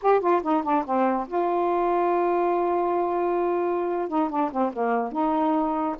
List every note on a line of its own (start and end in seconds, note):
0.02 0.20 G4
0.20 0.41 F4
0.42 0.63 D#4
0.63 0.84 D4
0.85 1.27 C4
1.27 4.08 F4
4.08 4.29 D#4
4.29 4.50 D4
4.51 4.72 C4
4.73 5.12 A#3
5.12 5.96 D#4